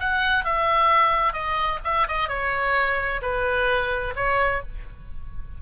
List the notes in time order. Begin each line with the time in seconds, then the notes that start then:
0.00 F#5
0.45 E5
1.33 D#5
1.84 E5
2.08 D#5
2.29 C#5
3.22 B4
4.16 C#5